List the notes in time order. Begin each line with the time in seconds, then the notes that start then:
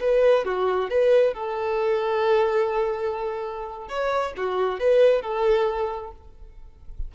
0.00 B4
0.45 F#4
0.90 B4
1.34 A4
3.88 C#5
4.37 F#4
4.79 B4
5.22 A4